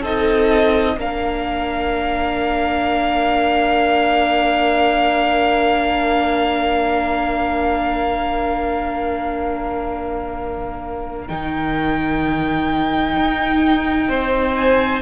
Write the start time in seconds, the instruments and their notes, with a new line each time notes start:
0.00 cello C4, viola D#4, violin A4 D#5
0.97 cello A#3, viola D4, violin A#4 F5
11.27 cello D#3, viola D#4, violin G5
13.16 cello D#4
14.08 cello C4, violin C5
14.55 violin G#5